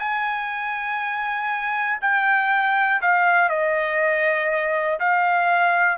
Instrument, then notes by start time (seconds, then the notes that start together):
trumpet
0.00 G#5
2.02 G5
3.02 F5
3.50 D#5
5.00 F5